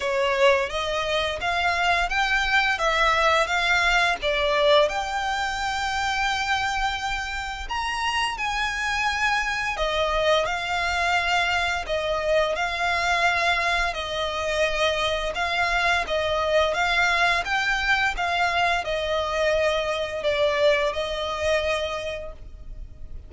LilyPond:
\new Staff \with { instrumentName = "violin" } { \time 4/4 \tempo 4 = 86 cis''4 dis''4 f''4 g''4 | e''4 f''4 d''4 g''4~ | g''2. ais''4 | gis''2 dis''4 f''4~ |
f''4 dis''4 f''2 | dis''2 f''4 dis''4 | f''4 g''4 f''4 dis''4~ | dis''4 d''4 dis''2 | }